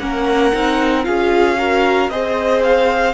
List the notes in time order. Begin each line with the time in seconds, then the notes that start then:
0.00 A#3 C#4 A#4 F#5
0.53 C4 D#4
1.04 C#4 F4 G#4 F5
1.58 F#4 A#4
2.10 C4 G#4 C5 D#5
2.63 F5